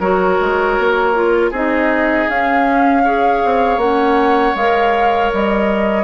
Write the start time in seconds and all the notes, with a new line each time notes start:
0.00 F#3 F#4 A#4 C#5
0.41 G#3
0.78 A#3
1.15 F4
1.51 C4 D#4 G#4 D#5
2.29 C#4 F5
3.04 G#4 C#5
3.45 C4
3.77 A#3 C#4 F#5
4.55 G#3 A#4 F5
5.33 G3 D#5